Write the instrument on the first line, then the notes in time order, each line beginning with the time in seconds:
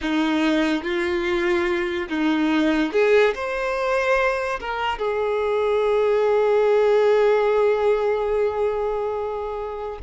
violin
0.01 D#4
0.83 F4
2.08 D#4
2.92 G#4
3.34 C5
4.60 A#4
4.98 G#4